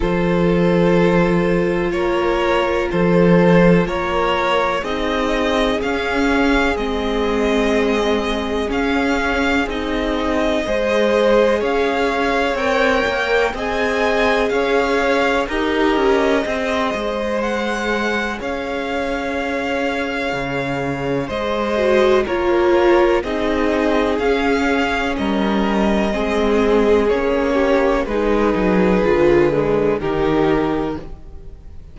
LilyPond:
<<
  \new Staff \with { instrumentName = "violin" } { \time 4/4 \tempo 4 = 62 c''2 cis''4 c''4 | cis''4 dis''4 f''4 dis''4~ | dis''4 f''4 dis''2 | f''4 g''4 gis''4 f''4 |
dis''2 fis''4 f''4~ | f''2 dis''4 cis''4 | dis''4 f''4 dis''2 | cis''4 b'2 ais'4 | }
  \new Staff \with { instrumentName = "violin" } { \time 4/4 a'2 ais'4 a'4 | ais'4 gis'2.~ | gis'2. c''4 | cis''2 dis''4 cis''4 |
ais'4 c''2 cis''4~ | cis''2 c''4 ais'4 | gis'2 ais'4 gis'4~ | gis'8 g'8 gis'2 g'4 | }
  \new Staff \with { instrumentName = "viola" } { \time 4/4 f'1~ | f'4 dis'4 cis'4 c'4~ | c'4 cis'4 dis'4 gis'4~ | gis'4 ais'4 gis'2 |
g'4 gis'2.~ | gis'2~ gis'8 fis'8 f'4 | dis'4 cis'2 c'4 | cis'4 dis'4 f'8 gis8 dis'4 | }
  \new Staff \with { instrumentName = "cello" } { \time 4/4 f2 ais4 f4 | ais4 c'4 cis'4 gis4~ | gis4 cis'4 c'4 gis4 | cis'4 c'8 ais8 c'4 cis'4 |
dis'8 cis'8 c'8 gis4. cis'4~ | cis'4 cis4 gis4 ais4 | c'4 cis'4 g4 gis4 | ais4 gis8 fis8 d4 dis4 | }
>>